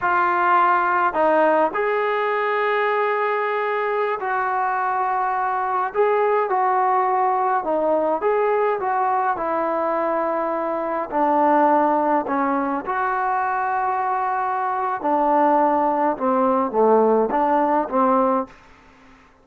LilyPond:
\new Staff \with { instrumentName = "trombone" } { \time 4/4 \tempo 4 = 104 f'2 dis'4 gis'4~ | gis'2.~ gis'16 fis'8.~ | fis'2~ fis'16 gis'4 fis'8.~ | fis'4~ fis'16 dis'4 gis'4 fis'8.~ |
fis'16 e'2. d'8.~ | d'4~ d'16 cis'4 fis'4.~ fis'16~ | fis'2 d'2 | c'4 a4 d'4 c'4 | }